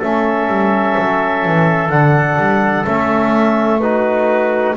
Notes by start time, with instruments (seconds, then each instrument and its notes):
0.00 double bass A3, trombone C#4, trumpet A4, clarinet E5
0.48 double bass G3
0.98 double bass F#3
1.46 double bass E3
1.90 double bass D3, trombone D4, clarinet F#5
2.38 double bass G3
2.85 double bass A3, trombone C#4, clarinet E5
3.81 trombone D#4, trumpet F#4, clarinet B4